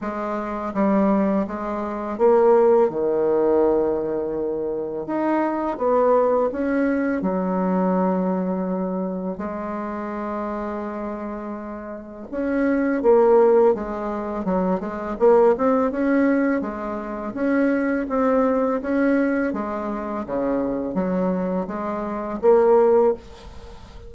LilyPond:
\new Staff \with { instrumentName = "bassoon" } { \time 4/4 \tempo 4 = 83 gis4 g4 gis4 ais4 | dis2. dis'4 | b4 cis'4 fis2~ | fis4 gis2.~ |
gis4 cis'4 ais4 gis4 | fis8 gis8 ais8 c'8 cis'4 gis4 | cis'4 c'4 cis'4 gis4 | cis4 fis4 gis4 ais4 | }